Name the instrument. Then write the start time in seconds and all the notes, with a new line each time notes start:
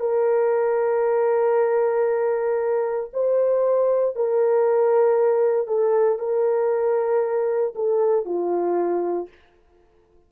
horn
0.00 A#4
3.13 C5
4.16 A#4
5.67 A4
6.18 A#4
7.75 A4
8.25 F4